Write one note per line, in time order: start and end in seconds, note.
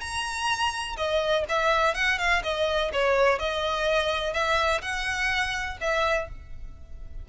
0.00 0.96 A#5
0.96 1.44 D#5
1.49 1.94 E5
1.94 2.18 F#5
2.18 2.42 F5
2.43 2.91 D#5
2.93 3.38 C#5
3.38 4.33 D#5
4.33 4.81 E5
4.82 5.78 F#5
5.81 6.29 E5